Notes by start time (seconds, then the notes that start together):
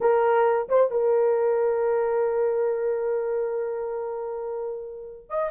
0.00 A#4
0.68 C5
0.90 A#4
5.29 D#5